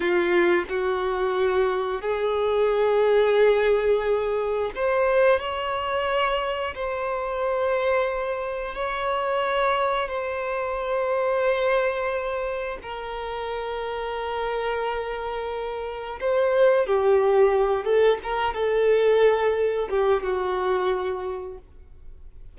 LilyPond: \new Staff \with { instrumentName = "violin" } { \time 4/4 \tempo 4 = 89 f'4 fis'2 gis'4~ | gis'2. c''4 | cis''2 c''2~ | c''4 cis''2 c''4~ |
c''2. ais'4~ | ais'1 | c''4 g'4. a'8 ais'8 a'8~ | a'4. g'8 fis'2 | }